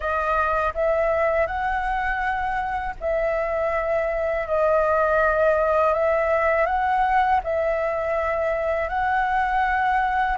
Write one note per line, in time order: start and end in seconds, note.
0.00 0.73 D#5
0.74 1.46 E5
1.46 2.95 F#5
3.00 4.47 E5
4.47 5.93 D#5
5.93 6.66 E5
6.66 7.40 F#5
7.43 8.89 E5
8.89 10.37 F#5